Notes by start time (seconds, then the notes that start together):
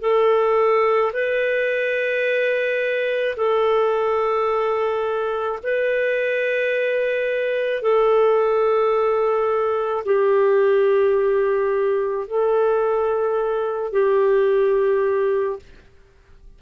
0.00 A4
1.13 B4
3.36 A4
5.63 B4
7.82 A4
10.05 G4
12.27 A4
13.92 G4